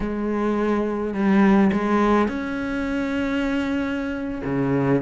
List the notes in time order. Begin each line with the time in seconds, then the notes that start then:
0.00 G#3
1.14 G3
1.72 G#3
2.28 C#4
4.44 C#3